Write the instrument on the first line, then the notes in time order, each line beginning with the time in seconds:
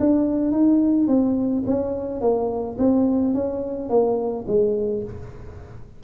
tuba
0.00 D4
0.52 D#4
1.08 C4
1.67 C#4
2.21 A#3
2.79 C4
3.34 C#4
3.90 A#3
4.48 G#3